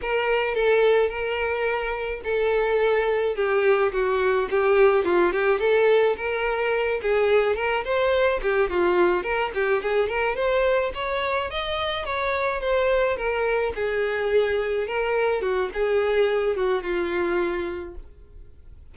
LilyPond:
\new Staff \with { instrumentName = "violin" } { \time 4/4 \tempo 4 = 107 ais'4 a'4 ais'2 | a'2 g'4 fis'4 | g'4 f'8 g'8 a'4 ais'4~ | ais'8 gis'4 ais'8 c''4 g'8 f'8~ |
f'8 ais'8 g'8 gis'8 ais'8 c''4 cis''8~ | cis''8 dis''4 cis''4 c''4 ais'8~ | ais'8 gis'2 ais'4 fis'8 | gis'4. fis'8 f'2 | }